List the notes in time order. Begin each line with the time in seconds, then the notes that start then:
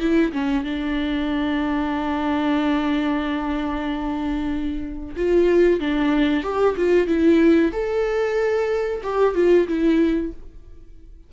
0.00 E4
0.33 C#4
0.64 D4
5.17 F4
5.80 D4
6.43 G4
6.77 F4
7.07 E4
7.73 A4
9.04 G4
9.35 F4
9.68 E4